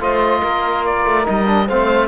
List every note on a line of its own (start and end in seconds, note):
0.00 0.42 A3
0.00 1.25 F4
0.00 0.41 C5
0.00 0.86 D#5
0.41 1.06 A#3
0.41 1.66 A#4
0.86 1.28 D5
1.06 1.27 A3
1.25 1.69 G3
1.25 1.46 D#4
1.25 1.69 D#5
1.46 1.67 D4
1.66 2.08 A3
1.66 2.08 C4
1.66 2.08 C5
1.66 2.08 F5